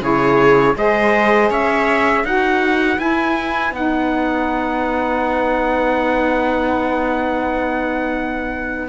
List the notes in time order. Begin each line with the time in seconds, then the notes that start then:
0.00 C#3 E4 G#4 C#5
0.76 G#3 G#4 C5 D#5
1.50 C#4 C#5 E5
2.23 D#4 F#4 B4 F#5
2.98 E4 G#5
3.71 B3 D#4 F#5